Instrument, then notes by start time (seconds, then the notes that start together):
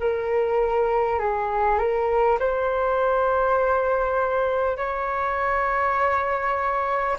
flute
0.00 A#4
1.19 G#4
1.78 A#4
2.39 C5
4.77 C#5